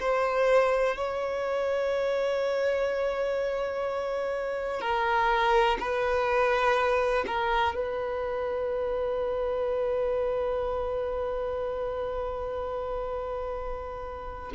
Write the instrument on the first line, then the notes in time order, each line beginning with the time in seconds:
violin
0.00 C5
0.96 C#5
4.80 A#4
5.79 B4
7.27 A#4
7.75 B4